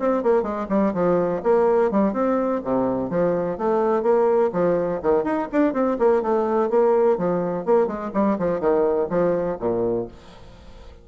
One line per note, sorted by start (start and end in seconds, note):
0.00 0.24 C4
0.24 0.43 A#3
0.43 0.67 G#3
0.70 0.94 G3
0.94 1.42 F3
1.43 1.91 A#3
1.91 2.14 G3
2.14 2.62 C4
2.64 3.10 C3
3.10 3.58 F3
3.58 4.03 A3
4.03 4.51 A#3
4.53 5.01 F3
5.03 5.25 D#3
5.25 5.49 D#4
5.53 5.74 D4
5.74 5.98 C4
5.99 6.22 A#3
6.22 6.70 A3
6.70 7.18 A#3
7.18 7.66 F3
7.66 7.87 A#3
7.87 8.11 G#3
8.14 8.38 G3
8.39 8.61 F3
8.61 9.09 D#3
9.10 9.58 F3
9.60 10.08 A#2